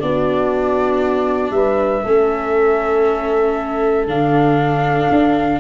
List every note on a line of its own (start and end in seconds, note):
0.00 1.51 B3
0.00 2.04 D4
0.00 1.54 F#4
0.00 1.51 D5
1.51 2.02 G3
1.51 2.05 B4
1.51 4.05 E5
2.05 4.08 A3
2.05 4.08 C#4
2.05 5.60 A4
4.08 5.09 D3
4.08 5.60 D4
4.08 5.60 F5
5.12 5.60 D4